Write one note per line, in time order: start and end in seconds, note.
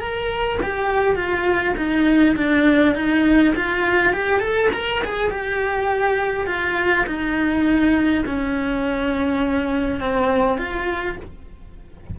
0.00 0.59 A#4
0.63 1.16 G4
1.16 1.75 F4
1.78 2.36 D#4
2.37 2.95 D4
2.95 3.54 D#4
3.56 4.13 F4
4.13 4.40 G4
4.40 4.70 A4
4.74 5.03 A#4
5.05 5.30 G#4
5.30 6.47 G4
6.47 7.06 F4
7.07 8.25 D#4
8.26 10.01 C#4
10.01 10.58 C4
10.58 11.17 F4